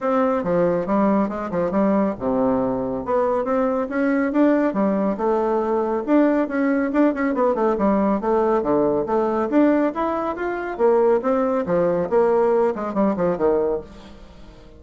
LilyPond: \new Staff \with { instrumentName = "bassoon" } { \time 4/4 \tempo 4 = 139 c'4 f4 g4 gis8 f8 | g4 c2 b4 | c'4 cis'4 d'4 g4 | a2 d'4 cis'4 |
d'8 cis'8 b8 a8 g4 a4 | d4 a4 d'4 e'4 | f'4 ais4 c'4 f4 | ais4. gis8 g8 f8 dis4 | }